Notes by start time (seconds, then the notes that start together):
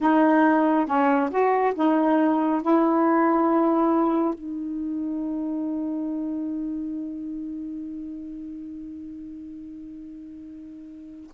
0.00 D#4
0.86 C#4
1.30 F#4
1.74 D#4
2.61 E4
4.34 D#4